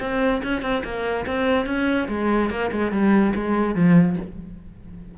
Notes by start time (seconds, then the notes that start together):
0.00 C4
0.43 C#4
0.62 C4
0.84 A#3
1.26 C4
1.66 C#4
2.08 G#3
2.50 A#3
2.72 G#3
2.92 G3
3.35 G#3
3.75 F3